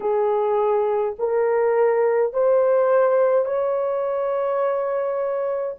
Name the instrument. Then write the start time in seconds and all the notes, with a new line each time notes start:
horn
0.00 G#4
1.19 A#4
2.33 C5
3.45 C#5